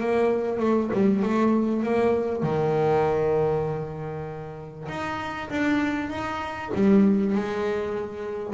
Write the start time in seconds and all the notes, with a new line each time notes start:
0.00 A#3
0.60 A3
0.94 G3
1.23 A3
1.83 A#3
2.43 D#3
4.88 D#4
5.50 D4
6.10 D#4
6.74 G3
7.35 G#3